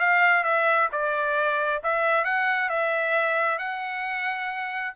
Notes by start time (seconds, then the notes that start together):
0.00 F5
0.44 E5
0.92 D5
1.84 E5
2.25 F#5
2.70 E5
3.59 F#5